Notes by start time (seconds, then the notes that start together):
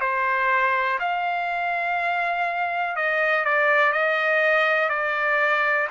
0.00 C5
0.99 F5
2.96 D#5
3.45 D5
3.92 D#5
4.89 D5